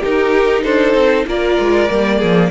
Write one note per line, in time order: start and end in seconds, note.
0.00 1.28 D#4
0.00 0.64 D#4
0.00 0.62 G4
0.00 0.63 A#4
0.63 0.94 D4
0.63 1.26 A4
0.63 1.26 C5
0.94 1.25 C4
1.27 1.58 A#3
1.27 1.89 F4
1.27 2.18 A#4
1.27 2.50 D5
1.59 1.90 G#3
1.89 2.22 G3
1.89 2.50 A#3
2.18 2.50 F3
2.18 2.49 G#4